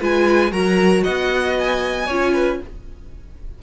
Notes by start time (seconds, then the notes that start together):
0.00 G#3 F4 B4 G#5
0.51 F#3 F#4 A#4 A#5
1.04 B3 D#5 F#5
1.59 G#5
2.06 C#4 F4 C#5
2.34 B4